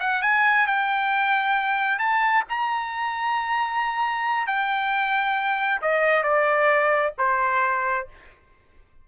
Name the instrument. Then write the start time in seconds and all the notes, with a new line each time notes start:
trumpet
0.00 F#5
0.22 G#5
0.67 G5
1.99 A5
2.49 A#5
4.47 G5
5.82 D#5
6.23 D5
7.18 C5